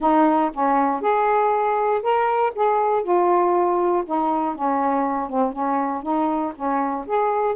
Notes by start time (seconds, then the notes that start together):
0.00 D#4
0.53 C#4
1.01 G#4
2.02 A#4
2.55 G#4
3.03 F4
4.06 D#4
4.55 C#4
5.29 C4
5.52 C#4
6.02 D#4
6.55 C#4
7.06 G#4